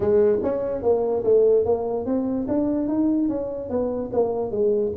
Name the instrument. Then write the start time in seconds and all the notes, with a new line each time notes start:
tuba
0.00 G#3
0.43 C#4
0.82 A#3
1.24 A3
1.65 A#3
2.05 C4
2.48 D4
2.87 D#4
3.29 C#4
3.69 B3
4.13 A#3
4.51 G#3